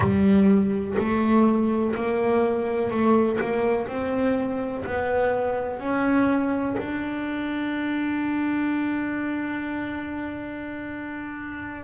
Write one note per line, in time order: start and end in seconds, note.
0.00 0.96 G3
0.98 1.94 A3
1.95 2.90 A#3
2.90 3.39 A3
3.40 3.87 A#3
3.87 4.84 C4
4.85 5.79 B3
5.79 6.76 C#4
6.78 11.84 D4